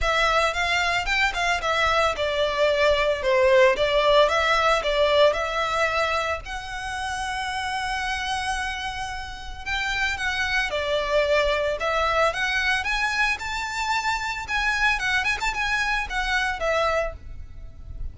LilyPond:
\new Staff \with { instrumentName = "violin" } { \time 4/4 \tempo 4 = 112 e''4 f''4 g''8 f''8 e''4 | d''2 c''4 d''4 | e''4 d''4 e''2 | fis''1~ |
fis''2 g''4 fis''4 | d''2 e''4 fis''4 | gis''4 a''2 gis''4 | fis''8 gis''16 a''16 gis''4 fis''4 e''4 | }